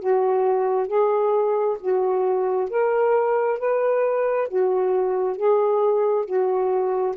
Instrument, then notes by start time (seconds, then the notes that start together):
saxophone
0.00 F#4
0.88 G#4
1.80 F#4
2.70 A#4
3.59 B4
4.49 F#4
5.37 G#4
6.26 F#4